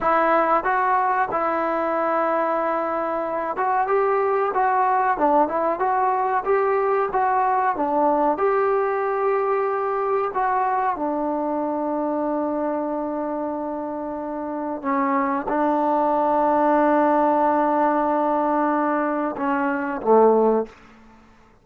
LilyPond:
\new Staff \with { instrumentName = "trombone" } { \time 4/4 \tempo 4 = 93 e'4 fis'4 e'2~ | e'4. fis'8 g'4 fis'4 | d'8 e'8 fis'4 g'4 fis'4 | d'4 g'2. |
fis'4 d'2.~ | d'2. cis'4 | d'1~ | d'2 cis'4 a4 | }